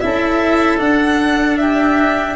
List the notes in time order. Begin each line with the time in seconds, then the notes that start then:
0.00 C#4 E4 A4 E5
0.78 D4 F#5
1.57 G4 E5